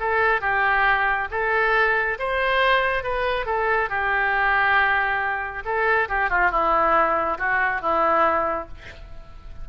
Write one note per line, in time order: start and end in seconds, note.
0.00 0.41 A4
0.41 1.28 G4
1.31 2.18 A4
2.19 3.03 C5
3.03 3.46 B4
3.46 3.90 A4
3.90 5.63 G4
5.65 6.08 A4
6.09 6.30 G4
6.30 6.51 F4
6.51 7.38 E4
7.38 7.81 F#4
7.81 8.68 E4